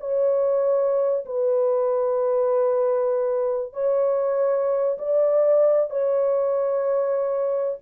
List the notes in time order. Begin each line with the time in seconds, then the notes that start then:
0.00 C#5
1.25 B4
3.73 C#5
4.98 D5
5.90 C#5